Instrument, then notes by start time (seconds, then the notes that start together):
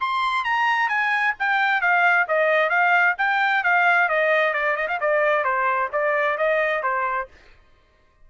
trumpet
0.00 C6
0.44 A#5
0.88 G#5
1.39 G5
1.81 F5
2.28 D#5
2.69 F5
3.18 G5
3.63 F5
4.08 D#5
4.53 D5
4.76 D#5
4.88 F5
5.00 D5
5.44 C5
5.92 D5
6.37 D#5
6.82 C5